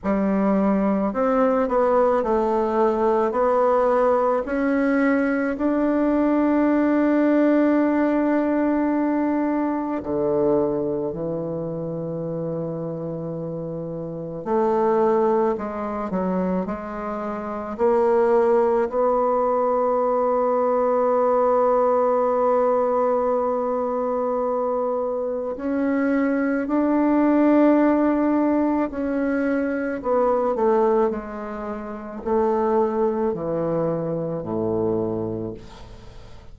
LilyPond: \new Staff \with { instrumentName = "bassoon" } { \time 4/4 \tempo 4 = 54 g4 c'8 b8 a4 b4 | cis'4 d'2.~ | d'4 d4 e2~ | e4 a4 gis8 fis8 gis4 |
ais4 b2.~ | b2. cis'4 | d'2 cis'4 b8 a8 | gis4 a4 e4 a,4 | }